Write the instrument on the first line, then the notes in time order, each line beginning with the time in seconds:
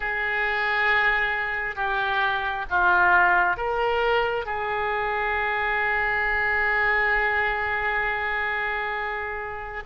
oboe
0.00 G#4
1.75 G4
2.69 F4
3.56 A#4
4.45 G#4